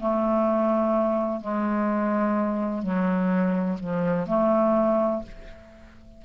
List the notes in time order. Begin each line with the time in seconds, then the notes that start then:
0.00 A3
1.41 G#3
2.83 F#3
3.81 F3
4.28 A3